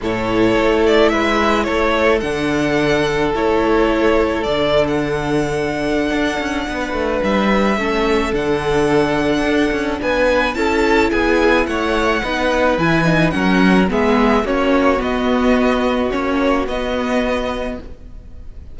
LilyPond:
<<
  \new Staff \with { instrumentName = "violin" } { \time 4/4 \tempo 4 = 108 cis''4. d''8 e''4 cis''4 | fis''2 cis''2 | d''8. fis''2.~ fis''16~ | fis''4 e''2 fis''4~ |
fis''2 gis''4 a''4 | gis''4 fis''2 gis''4 | fis''4 e''4 cis''4 dis''4~ | dis''4 cis''4 dis''2 | }
  \new Staff \with { instrumentName = "violin" } { \time 4/4 a'2 b'4 a'4~ | a'1~ | a'1 | b'2 a'2~ |
a'2 b'4 a'4 | gis'4 cis''4 b'2 | ais'4 gis'4 fis'2~ | fis'1 | }
  \new Staff \with { instrumentName = "viola" } { \time 4/4 e'1 | d'2 e'2 | d'1~ | d'2 cis'4 d'4~ |
d'2. e'4~ | e'2 dis'4 e'8 dis'8 | cis'4 b4 cis'4 b4~ | b4 cis'4 b2 | }
  \new Staff \with { instrumentName = "cello" } { \time 4/4 a,4 a4 gis4 a4 | d2 a2 | d2. d'8 cis'8 | b8 a8 g4 a4 d4~ |
d4 d'8 cis'8 b4 cis'4 | b4 a4 b4 e4 | fis4 gis4 ais4 b4~ | b4 ais4 b2 | }
>>